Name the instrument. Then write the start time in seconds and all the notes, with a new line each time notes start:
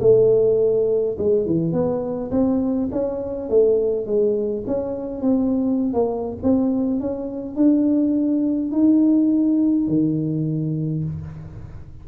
tuba
0.00 A3
1.18 G#3
1.46 E3
1.72 B3
2.31 C4
2.91 C#4
3.49 A3
4.06 G#3
4.67 C#4
5.21 C4
5.93 A#3
6.43 C4
7.00 C#4
7.55 D4
8.72 D#4
9.87 D#3